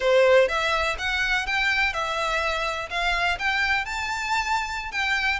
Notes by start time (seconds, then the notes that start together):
0.00 C5
0.48 E5
0.98 F#5
1.46 G5
1.93 E5
2.89 F5
3.38 G5
3.85 A5
4.91 G5